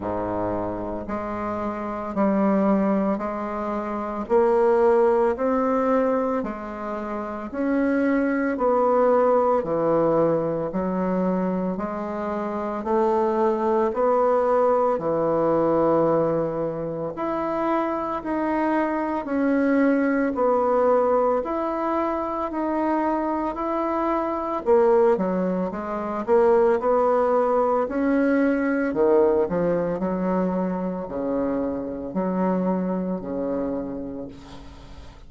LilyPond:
\new Staff \with { instrumentName = "bassoon" } { \time 4/4 \tempo 4 = 56 gis,4 gis4 g4 gis4 | ais4 c'4 gis4 cis'4 | b4 e4 fis4 gis4 | a4 b4 e2 |
e'4 dis'4 cis'4 b4 | e'4 dis'4 e'4 ais8 fis8 | gis8 ais8 b4 cis'4 dis8 f8 | fis4 cis4 fis4 cis4 | }